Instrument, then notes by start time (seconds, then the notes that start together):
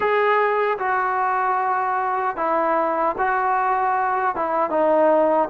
trombone
0.00 G#4
0.78 F#4
2.36 E4
3.18 F#4
4.35 E4
4.70 D#4